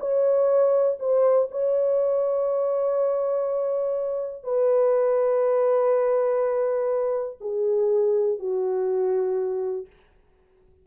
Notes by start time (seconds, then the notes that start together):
0.00 C#5
0.99 C5
1.51 C#5
4.44 B4
7.41 G#4
8.39 F#4